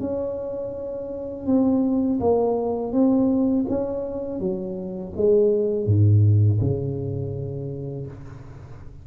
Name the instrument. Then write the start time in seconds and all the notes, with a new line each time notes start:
tuba
0.00 C#4
1.47 C4
2.20 A#3
2.92 C4
3.69 C#4
4.40 F#3
5.17 G#3
5.86 G#2
6.60 C#3